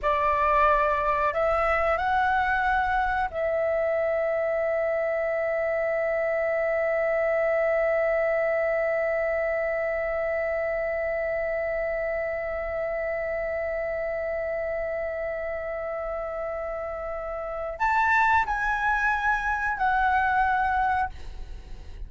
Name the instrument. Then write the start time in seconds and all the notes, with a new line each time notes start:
flute
0.01 D5
1.33 E5
1.97 F#5
3.30 E5
17.79 A5
18.46 G#5
19.77 F#5